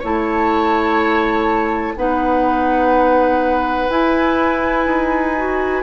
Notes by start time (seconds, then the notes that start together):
0.00 A3 E4 C#5 A5
1.97 B3 D#4 B4 F#5
3.90 E4 G#5
4.86 D#4
5.37 F#4